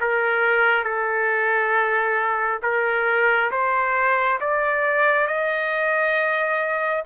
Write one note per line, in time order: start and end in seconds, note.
0.00 0.84 A#4
0.84 2.60 A4
2.62 3.51 A#4
3.51 4.39 C5
4.40 5.27 D5
5.27 7.03 D#5